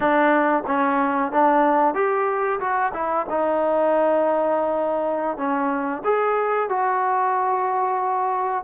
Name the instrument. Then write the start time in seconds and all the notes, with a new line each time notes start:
trombone
0.00 D4
0.66 C#4
1.32 D4
1.94 G4
2.59 F#4
2.93 E4
3.29 D#4
5.37 C#4
6.04 G#4
6.69 F#4